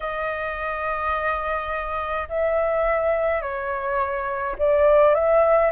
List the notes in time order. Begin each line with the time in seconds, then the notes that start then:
0.00 D#5
2.29 E5
3.41 C#5
4.58 D5
5.14 E5